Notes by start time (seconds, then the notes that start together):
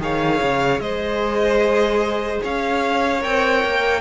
0.00 D#3 G#4 C#5 F5
0.42 C#3
0.80 G#3 C5 D#5
2.43 C#4 C#5 F5
3.21 C4 A#4 G5
3.65 A#3